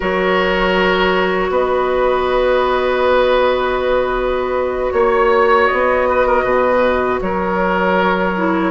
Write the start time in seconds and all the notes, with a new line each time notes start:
0.00 F#3 F#4 A#4 C#5
1.49 B3 B4 D#5
4.91 A#3 C#5
5.67 B3 D#5
6.08 B4
6.26 A#4
6.44 B2 B4
7.21 F#3 A#4 C#5
8.37 E4